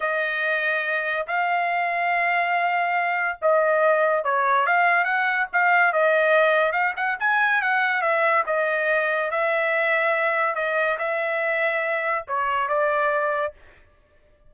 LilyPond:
\new Staff \with { instrumentName = "trumpet" } { \time 4/4 \tempo 4 = 142 dis''2. f''4~ | f''1 | dis''2 cis''4 f''4 | fis''4 f''4 dis''2 |
f''8 fis''8 gis''4 fis''4 e''4 | dis''2 e''2~ | e''4 dis''4 e''2~ | e''4 cis''4 d''2 | }